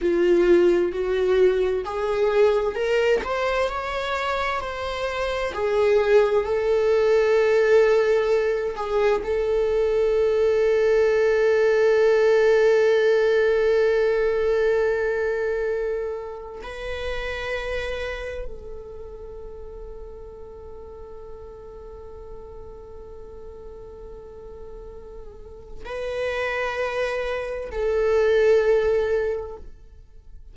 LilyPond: \new Staff \with { instrumentName = "viola" } { \time 4/4 \tempo 4 = 65 f'4 fis'4 gis'4 ais'8 c''8 | cis''4 c''4 gis'4 a'4~ | a'4. gis'8 a'2~ | a'1~ |
a'2 b'2 | a'1~ | a'1 | b'2 a'2 | }